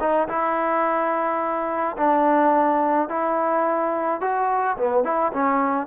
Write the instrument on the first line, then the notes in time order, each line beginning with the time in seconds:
trombone
0.00 D#4
0.28 E4
1.97 D4
3.09 E4
4.21 F#4
4.77 B3
5.04 E4
5.33 C#4